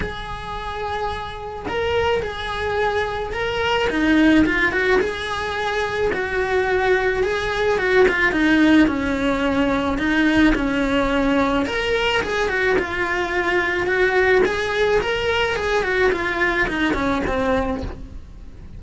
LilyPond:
\new Staff \with { instrumentName = "cello" } { \time 4/4 \tempo 4 = 108 gis'2. ais'4 | gis'2 ais'4 dis'4 | f'8 fis'8 gis'2 fis'4~ | fis'4 gis'4 fis'8 f'8 dis'4 |
cis'2 dis'4 cis'4~ | cis'4 ais'4 gis'8 fis'8 f'4~ | f'4 fis'4 gis'4 ais'4 | gis'8 fis'8 f'4 dis'8 cis'8 c'4 | }